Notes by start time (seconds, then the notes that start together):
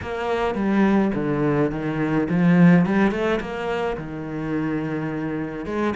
0.02 A#3
0.55 G3
1.14 D3
1.71 D#3
2.29 F3
2.85 G3
3.11 A3
3.40 A#3
3.97 D#3
5.65 G#3